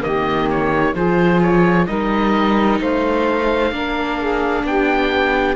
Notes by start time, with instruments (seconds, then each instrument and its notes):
0.00 cello D#3, viola A#3, saxophone G4, oboe D#5
0.50 oboe C#5
0.93 cello F3, viola F4, saxophone G#4, oboe C5
1.42 oboe C#5
1.86 cello G3, viola D#4, saxophone A#4, oboe D#5
2.80 cello A3, saxophone C5, oboe F5
3.71 cello A#3, viola D4, saxophone A#4
4.17 saxophone G#4
4.64 cello B3, saxophone G4, oboe G5